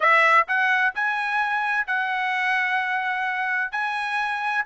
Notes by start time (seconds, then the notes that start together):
0.00 E5
0.47 F#5
0.95 G#5
1.86 F#5
3.71 G#5